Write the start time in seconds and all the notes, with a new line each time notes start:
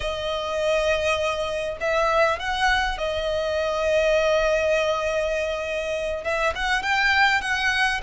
0.00 D#5
1.80 E5
2.39 F#5
2.98 D#5
6.23 E5
6.55 F#5
6.82 G5
7.41 F#5